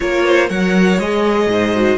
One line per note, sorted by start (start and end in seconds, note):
0.00 0.50 A#3
0.00 0.49 F4
0.00 0.25 A#4
0.00 0.48 C#5
0.25 0.49 C5
0.49 0.99 F#3
0.49 0.99 A#4
0.49 1.49 C#5
0.49 0.99 F#5
0.99 1.46 G#3
0.99 1.75 G#4
0.99 1.98 D#5
1.46 1.96 G#2
1.46 1.98 C5
1.75 1.98 F#4